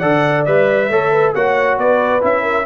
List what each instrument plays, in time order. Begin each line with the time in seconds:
0.00 tuba D3, trombone A4, horn D5, trumpet F#5
0.46 tuba G3, trombone B4, trumpet E5
0.90 tuba A3, trombone A4, horn C#5
1.12 horn B4
1.35 tuba A#3, trombone F#4, horn C#5, trumpet F#5
1.78 tuba B3, horn B4, trumpet D5
2.21 tuba C#4, trombone E4, trumpet E5
2.43 horn A#4